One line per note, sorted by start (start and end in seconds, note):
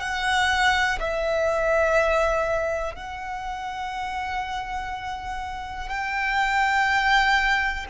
0.00 0.98 F#5
0.99 2.95 E5
2.95 5.88 F#5
5.88 7.85 G5